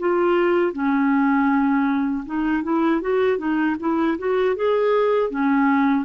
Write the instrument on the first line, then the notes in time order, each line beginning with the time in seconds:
clarinet
0.00 F4
0.73 C#4
2.26 D#4
2.63 E4
3.01 F#4
3.38 D#4
3.80 E4
4.19 F#4
4.56 G#4
5.31 C#4